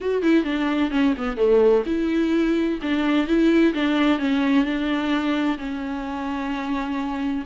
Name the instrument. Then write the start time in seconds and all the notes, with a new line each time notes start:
viola
0.00 F#4
0.22 E4
0.44 D4
0.90 C#4
1.17 B3
1.36 A3
1.86 E4
2.82 D4
3.27 E4
3.73 D4
4.18 C#4
4.64 D4
5.58 C#4